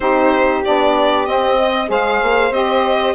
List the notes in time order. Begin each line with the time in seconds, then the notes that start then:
0.00 C4 D#4 G4 C5
0.64 B3 D4 D5
1.25 C4 D#5
1.58 D#5
1.87 G#3 G#4 C5 F5
2.22 A#3
2.51 C4 G4 D#5